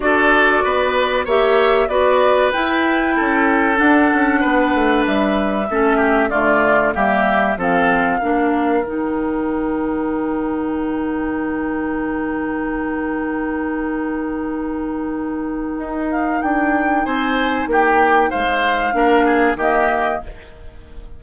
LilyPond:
<<
  \new Staff \with { instrumentName = "flute" } { \time 4/4 \tempo 4 = 95 d''2 e''4 d''4 | g''2 fis''2 | e''2 d''4 e''4 | f''2 g''2~ |
g''1~ | g''1~ | g''4. f''8 g''4 gis''4 | g''4 f''2 dis''4 | }
  \new Staff \with { instrumentName = "oboe" } { \time 4/4 a'4 b'4 cis''4 b'4~ | b'4 a'2 b'4~ | b'4 a'8 g'8 f'4 g'4 | a'4 ais'2.~ |
ais'1~ | ais'1~ | ais'2. c''4 | g'4 c''4 ais'8 gis'8 g'4 | }
  \new Staff \with { instrumentName = "clarinet" } { \time 4/4 fis'2 g'4 fis'4 | e'2 d'2~ | d'4 cis'4 a4 ais4 | c'4 d'4 dis'2~ |
dis'1~ | dis'1~ | dis'1~ | dis'2 d'4 ais4 | }
  \new Staff \with { instrumentName = "bassoon" } { \time 4/4 d'4 b4 ais4 b4 | e'4 cis'4 d'8 cis'8 b8 a8 | g4 a4 d4 g4 | f4 ais4 dis2~ |
dis1~ | dis1~ | dis4 dis'4 d'4 c'4 | ais4 gis4 ais4 dis4 | }
>>